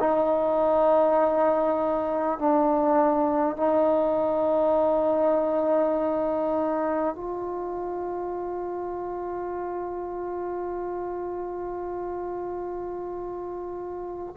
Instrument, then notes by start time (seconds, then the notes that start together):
trombone
0.00 D#4
2.39 D4
3.57 D#4
7.16 F4